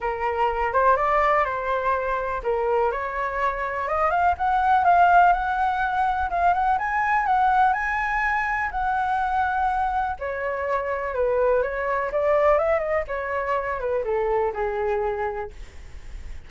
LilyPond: \new Staff \with { instrumentName = "flute" } { \time 4/4 \tempo 4 = 124 ais'4. c''8 d''4 c''4~ | c''4 ais'4 cis''2 | dis''8 f''8 fis''4 f''4 fis''4~ | fis''4 f''8 fis''8 gis''4 fis''4 |
gis''2 fis''2~ | fis''4 cis''2 b'4 | cis''4 d''4 e''8 dis''8 cis''4~ | cis''8 b'8 a'4 gis'2 | }